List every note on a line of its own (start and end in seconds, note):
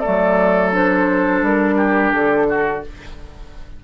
0.00 0.72 A3
0.00 1.75 A4
0.00 0.70 D5
0.07 1.42 F#3
0.72 2.81 D4
0.72 1.44 C5
1.42 2.12 G3
1.42 2.13 A#4
1.77 2.47 G4
2.13 2.84 D3
2.13 2.83 A4
2.49 2.84 F#4